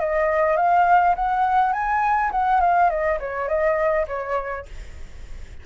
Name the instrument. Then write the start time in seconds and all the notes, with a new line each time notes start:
flute
0.00 D#5
0.57 F5
1.16 F#5
1.73 G#5
2.32 F#5
2.61 F5
2.90 D#5
3.20 C#5
3.48 D#5
4.08 C#5